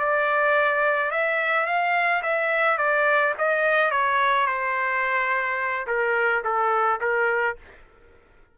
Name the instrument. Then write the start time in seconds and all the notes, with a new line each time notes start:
trumpet
0.00 D5
1.11 E5
1.66 F5
2.23 E5
2.78 D5
3.38 D#5
3.91 C#5
4.47 C5
5.88 A#4
6.45 A4
7.01 A#4